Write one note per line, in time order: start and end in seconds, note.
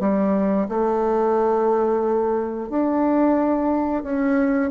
0.00 0.67 G3
0.69 2.70 A3
2.70 4.03 D4
4.03 4.71 C#4